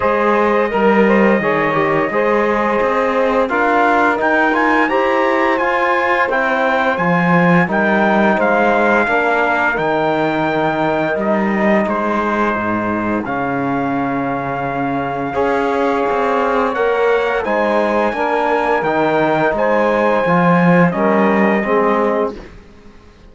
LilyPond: <<
  \new Staff \with { instrumentName = "trumpet" } { \time 4/4 \tempo 4 = 86 dis''1~ | dis''4 f''4 g''8 gis''8 ais''4 | gis''4 g''4 gis''4 g''4 | f''2 g''2 |
dis''4 c''2 f''4~ | f''1 | fis''4 gis''2 g''4 | gis''2 dis''2 | }
  \new Staff \with { instrumentName = "saxophone" } { \time 4/4 c''4 ais'8 c''8 cis''4 c''4~ | c''4 ais'2 c''4~ | c''2. ais'4 | c''4 ais'2.~ |
ais'4 gis'2.~ | gis'2 cis''2~ | cis''4 c''4 ais'2 | c''2 ais'4 gis'4 | }
  \new Staff \with { instrumentName = "trombone" } { \time 4/4 gis'4 ais'4 gis'8 g'8 gis'4~ | gis'4 f'4 dis'8 f'8 g'4 | f'4 e'4 f'4 dis'4~ | dis'4 d'4 dis'2~ |
dis'2. cis'4~ | cis'2 gis'2 | ais'4 dis'4 d'4 dis'4~ | dis'4 f'4 cis'4 c'4 | }
  \new Staff \with { instrumentName = "cello" } { \time 4/4 gis4 g4 dis4 gis4 | c'4 d'4 dis'4 e'4 | f'4 c'4 f4 g4 | gis4 ais4 dis2 |
g4 gis4 gis,4 cis4~ | cis2 cis'4 c'4 | ais4 gis4 ais4 dis4 | gis4 f4 g4 gis4 | }
>>